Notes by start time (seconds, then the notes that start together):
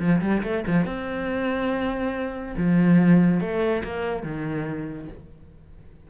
0.00 F3
0.22 G3
0.43 A3
0.67 F3
0.85 C4
2.58 F3
3.41 A3
3.84 A#3
4.24 D#3